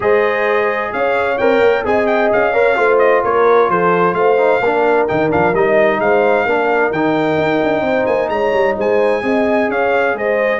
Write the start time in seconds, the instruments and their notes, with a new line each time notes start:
0.00 tuba G#3, trombone G#4, horn C5, trumpet D#5
0.92 tuba C#4, horn C#5, trumpet F5
1.37 tuba C4, trombone A#4, trumpet G5
1.60 tuba A#3
1.84 tuba C4, trombone G#4, horn D#5, trumpet G#5
2.06 trumpet G5
2.32 tuba C#4, trumpet F5
2.53 trombone A#4, horn C#5
2.75 tuba A3, trombone F4, horn C5
2.98 trumpet D#5
3.24 tuba A#3, horn A#4, trumpet C#5
3.68 tuba F3, horn A4, trumpet C5
4.13 tuba A3, horn C5, trumpet F5
4.37 trombone D#4
4.60 tuba A#3, trombone D4, horn A#4
5.07 tuba D#3, trombone D#4, trumpet G5
5.30 tuba F3, trombone D4, trumpet F5
5.53 tuba G3, trombone D#4, trumpet D#5
5.99 tuba G#3, horn C5, trumpet F5
6.45 tuba A#3, trombone D4, horn A#4
6.90 tuba D#3, trombone D#4, trumpet G5
7.37 tuba D#4
7.63 tuba D4
7.81 tuba C4, horn C5
8.05 tuba A#3, trumpet G#5
8.29 tuba G#3, horn C#5, trumpet A#5
8.52 tuba G3
8.76 tuba G#3, horn C5, trumpet G#5
9.21 tuba C4, trombone G#4, horn D#5
9.68 tuba C#4, horn C#5, trumpet F5
10.14 tuba G#3, horn C5, trumpet D#5